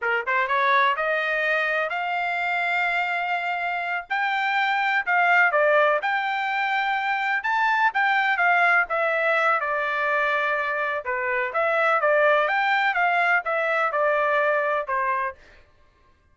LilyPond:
\new Staff \with { instrumentName = "trumpet" } { \time 4/4 \tempo 4 = 125 ais'8 c''8 cis''4 dis''2 | f''1~ | f''8 g''2 f''4 d''8~ | d''8 g''2. a''8~ |
a''8 g''4 f''4 e''4. | d''2. b'4 | e''4 d''4 g''4 f''4 | e''4 d''2 c''4 | }